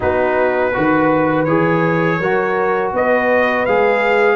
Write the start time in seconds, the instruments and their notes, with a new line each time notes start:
0.00 tuba B3, trombone D#4, horn F#4, trumpet B4
0.73 tuba D#3, trombone F#4, horn B4
1.44 tuba E3, trombone G#4, trumpet C#5
2.19 tuba F#3, trombone F#4, horn A#4
2.93 tuba B3, horn B4, trumpet D#5
3.65 tuba G#3, trombone G#4, trumpet F5